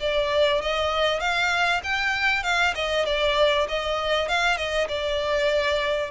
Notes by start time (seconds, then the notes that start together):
0.00 D5
0.62 D#5
1.20 F5
1.83 G5
2.43 F5
2.75 D#5
3.06 D5
3.68 D#5
4.28 F5
4.57 D#5
4.88 D5